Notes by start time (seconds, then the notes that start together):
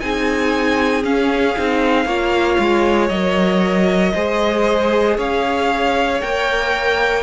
0.00 C4 D#4 G#4 G#5
1.03 C#4 F5
1.57 C4 D#4
2.05 A#3 F4 C#5
2.59 G#3
3.08 F#3 A#4 D#5
4.14 G#3 G#4 C5
5.17 C#4 C#5 F5
6.21 A#3 A#4 G5